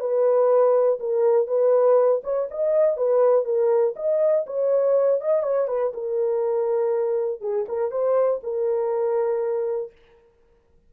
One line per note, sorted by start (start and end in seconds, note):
0.00 0.99 B4
1.00 1.47 A#4
1.47 2.22 B4
2.24 2.49 C#5
2.51 2.97 D#5
2.97 3.45 B4
3.45 3.95 A#4
3.96 4.46 D#5
4.47 5.21 C#5
5.21 5.43 D#5
5.43 5.68 C#5
5.68 5.93 B4
5.94 7.41 A#4
7.41 7.66 G#4
7.69 7.92 A#4
7.92 8.41 C5
8.43 9.92 A#4